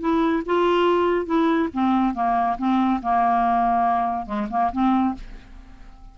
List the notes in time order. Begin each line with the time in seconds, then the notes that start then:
0.00 E4
0.45 F4
1.26 E4
1.73 C4
2.14 A#3
2.58 C4
3.02 A#3
4.26 G#3
4.50 A#3
4.72 C4